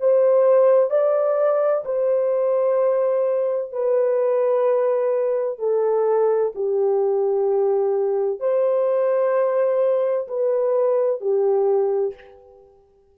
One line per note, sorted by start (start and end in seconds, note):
0.00 0.90 C5
0.90 1.84 D5
1.85 3.72 C5
3.72 5.59 B4
5.59 6.52 A4
6.55 8.39 G4
8.39 10.27 C5
10.28 11.20 B4
11.20 12.14 G4